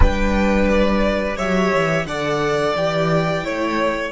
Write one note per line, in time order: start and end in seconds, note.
0.00 1.37 G3
0.00 1.36 D4
0.00 1.36 B4
0.00 0.68 G5
0.68 1.37 D5
1.36 1.71 F#3
1.36 2.05 G4
1.36 2.05 C#5
1.36 2.06 E5
1.74 2.06 E3
2.06 2.75 D3
2.06 2.76 A4
2.06 3.44 D5
2.06 2.75 F#5
2.75 3.44 E3
2.75 3.42 G4
2.75 4.11 G5
3.42 4.11 A3
3.42 4.11 E4
3.42 4.11 C#5